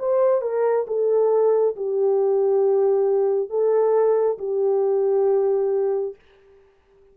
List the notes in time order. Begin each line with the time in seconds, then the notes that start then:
0.00 C5
0.42 A#4
0.88 A4
1.76 G4
3.50 A4
4.39 G4